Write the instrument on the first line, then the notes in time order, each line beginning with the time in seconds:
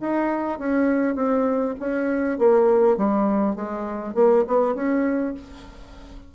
bassoon
0.00 D#4
0.59 C#4
1.15 C4
1.80 C#4
2.38 A#3
2.97 G3
3.55 G#3
4.14 A#3
4.47 B3
4.74 C#4